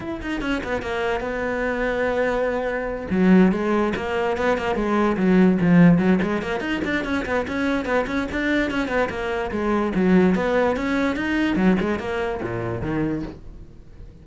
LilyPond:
\new Staff \with { instrumentName = "cello" } { \time 4/4 \tempo 4 = 145 e'8 dis'8 cis'8 b8 ais4 b4~ | b2.~ b8 fis8~ | fis8 gis4 ais4 b8 ais8 gis8~ | gis8 fis4 f4 fis8 gis8 ais8 |
dis'8 d'8 cis'8 b8 cis'4 b8 cis'8 | d'4 cis'8 b8 ais4 gis4 | fis4 b4 cis'4 dis'4 | fis8 gis8 ais4 ais,4 dis4 | }